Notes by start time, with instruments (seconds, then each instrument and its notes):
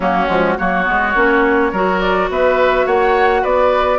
0.00 bassoon F#3, clarinet A#3, oboe C#4, flute F#4
0.27 bassoon F3, clarinet G#3
0.57 bassoon F#3, clarinet A#3, oboe F#4, flute C#5
0.83 bassoon G#3, clarinet B3
1.15 bassoon A#3, clarinet C#4
1.72 bassoon F#3, clarinet F#4, oboe A#4
2.00 flute D5
2.29 bassoon B3, oboe B4, flute E5
2.86 bassoon A#3, oboe C#5, flute F#5
3.42 bassoon B3, oboe B4, flute D5